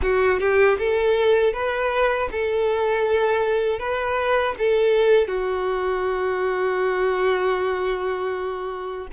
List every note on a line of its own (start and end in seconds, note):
0.02 0.39 F#4
0.39 0.77 G4
0.78 1.53 A4
1.53 2.29 B4
2.31 3.79 A4
3.79 4.55 B4
4.58 5.27 A4
5.27 9.07 F#4